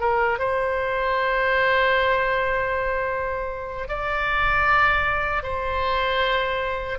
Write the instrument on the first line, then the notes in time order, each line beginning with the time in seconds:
oboe
0.00 A#4
0.39 C5
3.89 D5
5.43 C5